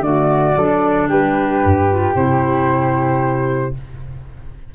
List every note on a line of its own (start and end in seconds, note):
0.00 0.53 D3
0.00 0.55 A3
0.00 0.58 F#4
0.00 1.08 D5
0.56 1.09 F#3
0.56 1.90 D4
0.56 1.08 A4
1.08 1.62 G3
1.08 3.74 G4
1.08 2.15 B4
1.64 2.15 G2
1.90 2.14 F4
2.14 3.75 C3
2.14 3.74 E4
2.14 3.74 C5